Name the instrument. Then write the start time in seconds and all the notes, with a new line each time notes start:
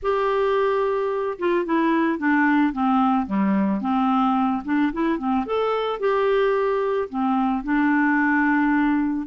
clarinet
0.02 G4
1.38 F4
1.65 E4
2.18 D4
2.72 C4
3.26 G3
3.81 C4
4.65 D4
4.92 E4
5.18 C4
5.46 A4
5.99 G4
7.09 C4
7.63 D4